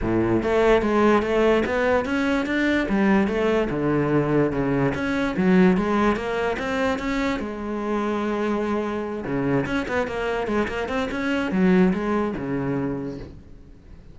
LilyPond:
\new Staff \with { instrumentName = "cello" } { \time 4/4 \tempo 4 = 146 a,4 a4 gis4 a4 | b4 cis'4 d'4 g4 | a4 d2 cis4 | cis'4 fis4 gis4 ais4 |
c'4 cis'4 gis2~ | gis2~ gis8 cis4 cis'8 | b8 ais4 gis8 ais8 c'8 cis'4 | fis4 gis4 cis2 | }